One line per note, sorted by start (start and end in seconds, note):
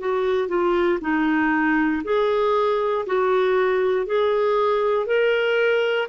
0.00 0.49 F#4
0.49 0.99 F4
1.01 2.03 D#4
2.04 3.06 G#4
3.06 4.06 F#4
4.06 5.07 G#4
5.07 6.08 A#4